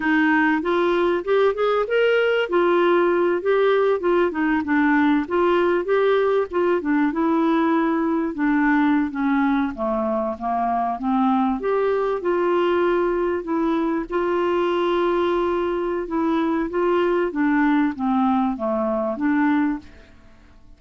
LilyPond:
\new Staff \with { instrumentName = "clarinet" } { \time 4/4 \tempo 4 = 97 dis'4 f'4 g'8 gis'8 ais'4 | f'4. g'4 f'8 dis'8 d'8~ | d'8 f'4 g'4 f'8 d'8 e'8~ | e'4. d'4~ d'16 cis'4 a16~ |
a8. ais4 c'4 g'4 f'16~ | f'4.~ f'16 e'4 f'4~ f'16~ | f'2 e'4 f'4 | d'4 c'4 a4 d'4 | }